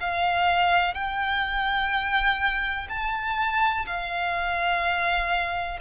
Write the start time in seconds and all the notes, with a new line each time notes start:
0.00 F5
0.94 G5
2.89 A5
3.86 F5